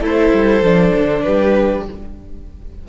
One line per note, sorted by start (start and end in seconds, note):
0.00 0.32 A3
0.00 0.62 E4
0.00 1.22 A4
0.00 1.23 C5
0.33 0.62 G3
0.62 0.92 F3
0.62 1.86 D4
0.94 1.25 D3
1.23 1.88 G3
1.23 1.87 G4
1.23 1.84 B4